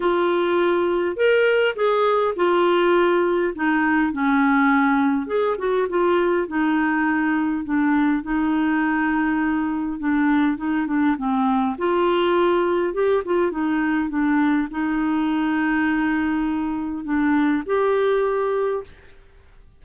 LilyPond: \new Staff \with { instrumentName = "clarinet" } { \time 4/4 \tempo 4 = 102 f'2 ais'4 gis'4 | f'2 dis'4 cis'4~ | cis'4 gis'8 fis'8 f'4 dis'4~ | dis'4 d'4 dis'2~ |
dis'4 d'4 dis'8 d'8 c'4 | f'2 g'8 f'8 dis'4 | d'4 dis'2.~ | dis'4 d'4 g'2 | }